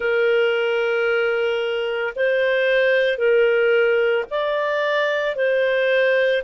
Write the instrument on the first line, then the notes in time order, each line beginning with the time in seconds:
clarinet
0.00 A#4
2.15 C5
3.18 A#4
4.30 D5
5.35 C5